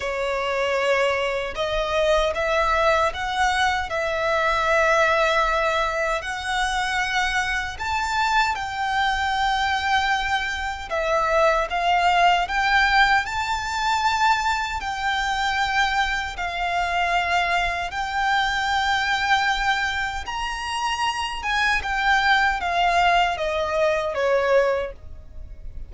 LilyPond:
\new Staff \with { instrumentName = "violin" } { \time 4/4 \tempo 4 = 77 cis''2 dis''4 e''4 | fis''4 e''2. | fis''2 a''4 g''4~ | g''2 e''4 f''4 |
g''4 a''2 g''4~ | g''4 f''2 g''4~ | g''2 ais''4. gis''8 | g''4 f''4 dis''4 cis''4 | }